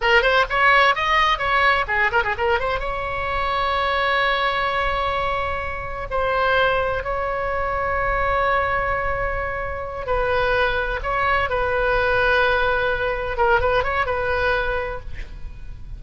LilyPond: \new Staff \with { instrumentName = "oboe" } { \time 4/4 \tempo 4 = 128 ais'8 c''8 cis''4 dis''4 cis''4 | gis'8 ais'16 gis'16 ais'8 c''8 cis''2~ | cis''1~ | cis''4 c''2 cis''4~ |
cis''1~ | cis''4. b'2 cis''8~ | cis''8 b'2.~ b'8~ | b'8 ais'8 b'8 cis''8 b'2 | }